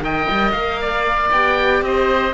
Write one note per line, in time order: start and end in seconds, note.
0.00 0.26 D#3
0.00 1.32 A#4
0.00 0.80 D#5
0.00 0.52 G5
0.30 0.52 G3
0.52 1.30 A#3
0.52 1.29 F5
0.80 1.84 D5
1.31 1.81 B3
1.31 2.34 G4
1.31 1.83 G5
1.81 2.33 C4
1.81 2.34 C5
1.81 2.34 D#5